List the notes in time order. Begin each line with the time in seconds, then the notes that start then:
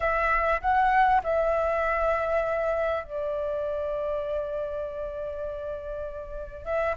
0.00 E5
0.61 F#5
1.23 E5
3.03 D5
6.65 E5